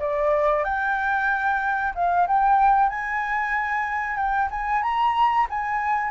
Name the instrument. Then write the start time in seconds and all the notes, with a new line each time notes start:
flute
0.00 D5
0.64 G5
1.95 F5
2.28 G5
2.90 G#5
4.17 G5
4.51 G#5
4.83 A#5
5.50 G#5